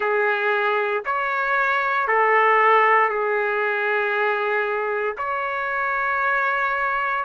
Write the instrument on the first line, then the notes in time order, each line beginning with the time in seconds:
trumpet
0.00 G#4
1.05 C#5
2.07 A4
3.08 G#4
5.17 C#5